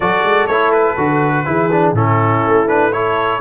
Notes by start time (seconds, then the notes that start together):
0.00 F#3 F#4 A4 D5
0.23 G#3
0.46 A3 E4 C#5
0.71 B4
0.97 D3 F#4
1.45 E3 E4 G#4
1.71 D4
1.92 A2 C#4 E4 A4
2.46 A3
2.66 D4 B4
2.91 E4 A4 C#5